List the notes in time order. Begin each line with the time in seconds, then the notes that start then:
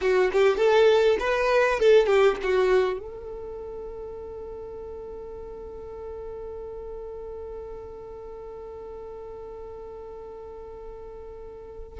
0.01 F#4
0.32 G4
0.57 A4
1.19 B4
1.79 A4
2.06 G4
2.42 F#4
2.99 A4